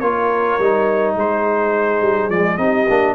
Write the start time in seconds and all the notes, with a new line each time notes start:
0.00 A#3 F4 A#4 C#5
0.59 G3 D#4
1.15 G#3 G#4 C5
2.01 G3
2.29 F3 G#3 D5
2.57 C4 D#4 G4 D#5
2.89 A#3 D4